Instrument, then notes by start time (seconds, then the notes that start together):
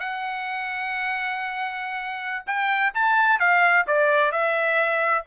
trumpet
0.00 F#5
2.47 G5
2.94 A5
3.40 F5
3.87 D5
4.32 E5